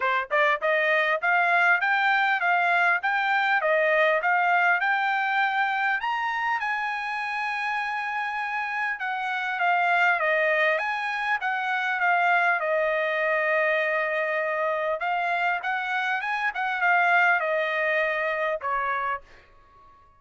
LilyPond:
\new Staff \with { instrumentName = "trumpet" } { \time 4/4 \tempo 4 = 100 c''8 d''8 dis''4 f''4 g''4 | f''4 g''4 dis''4 f''4 | g''2 ais''4 gis''4~ | gis''2. fis''4 |
f''4 dis''4 gis''4 fis''4 | f''4 dis''2.~ | dis''4 f''4 fis''4 gis''8 fis''8 | f''4 dis''2 cis''4 | }